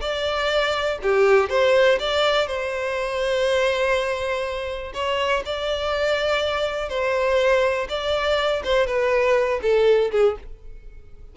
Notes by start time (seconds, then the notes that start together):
0.00 D5
1.02 G4
1.49 C5
1.99 D5
2.47 C5
4.93 C#5
5.45 D5
6.89 C5
7.88 D5
8.64 C5
8.86 B4
9.62 A4
10.11 G#4